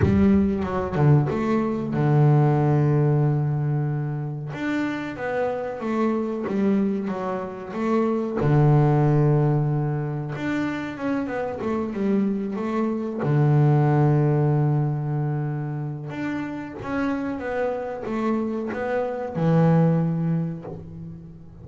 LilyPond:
\new Staff \with { instrumentName = "double bass" } { \time 4/4 \tempo 4 = 93 g4 fis8 d8 a4 d4~ | d2. d'4 | b4 a4 g4 fis4 | a4 d2. |
d'4 cis'8 b8 a8 g4 a8~ | a8 d2.~ d8~ | d4 d'4 cis'4 b4 | a4 b4 e2 | }